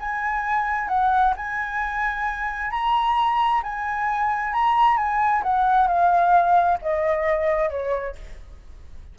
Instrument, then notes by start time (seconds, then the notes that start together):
flute
0.00 G#5
0.89 F#5
1.37 G#5
2.71 A#5
3.63 G#5
4.54 A#5
4.98 G#5
5.43 F#5
5.88 F5
6.82 D#5
7.70 C#5